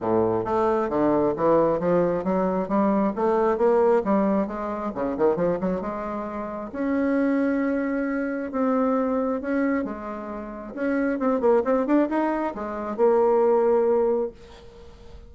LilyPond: \new Staff \with { instrumentName = "bassoon" } { \time 4/4 \tempo 4 = 134 a,4 a4 d4 e4 | f4 fis4 g4 a4 | ais4 g4 gis4 cis8 dis8 | f8 fis8 gis2 cis'4~ |
cis'2. c'4~ | c'4 cis'4 gis2 | cis'4 c'8 ais8 c'8 d'8 dis'4 | gis4 ais2. | }